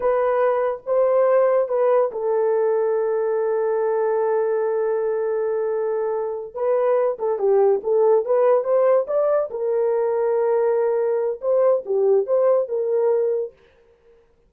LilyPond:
\new Staff \with { instrumentName = "horn" } { \time 4/4 \tempo 4 = 142 b'2 c''2 | b'4 a'2.~ | a'1~ | a'2.~ a'8 b'8~ |
b'4 a'8 g'4 a'4 b'8~ | b'8 c''4 d''4 ais'4.~ | ais'2. c''4 | g'4 c''4 ais'2 | }